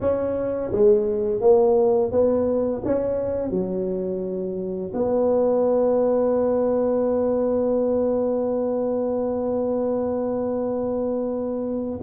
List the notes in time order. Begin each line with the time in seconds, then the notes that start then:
0.01 C#4
0.72 G#3
1.41 A#3
2.11 B3
2.84 C#4
3.50 F#3
4.93 B3